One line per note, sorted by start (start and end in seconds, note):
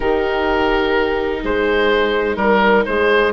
0.00 1.43 D#3
0.00 3.33 D#4
0.00 1.43 G4
0.00 1.43 A#4
1.43 2.36 G#3
1.43 2.39 G#4
1.43 2.36 C5
2.36 2.84 G3
2.36 2.84 A#4
2.36 2.87 A#4
2.85 3.33 G#3
2.85 3.33 G#4
2.85 3.33 C5